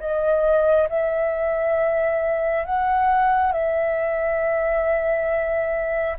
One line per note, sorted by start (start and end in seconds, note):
0.00 0.88 D#5
0.89 2.65 E5
2.65 3.53 F#5
3.53 6.17 E5